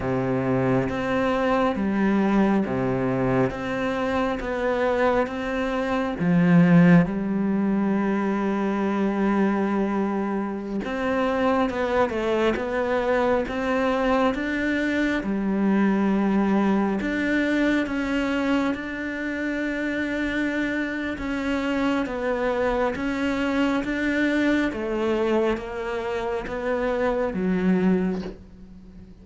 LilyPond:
\new Staff \with { instrumentName = "cello" } { \time 4/4 \tempo 4 = 68 c4 c'4 g4 c4 | c'4 b4 c'4 f4 | g1~ | g16 c'4 b8 a8 b4 c'8.~ |
c'16 d'4 g2 d'8.~ | d'16 cis'4 d'2~ d'8. | cis'4 b4 cis'4 d'4 | a4 ais4 b4 fis4 | }